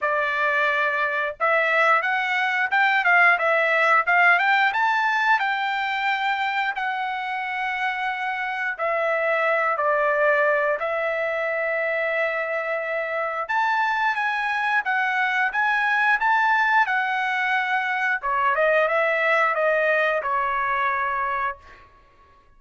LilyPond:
\new Staff \with { instrumentName = "trumpet" } { \time 4/4 \tempo 4 = 89 d''2 e''4 fis''4 | g''8 f''8 e''4 f''8 g''8 a''4 | g''2 fis''2~ | fis''4 e''4. d''4. |
e''1 | a''4 gis''4 fis''4 gis''4 | a''4 fis''2 cis''8 dis''8 | e''4 dis''4 cis''2 | }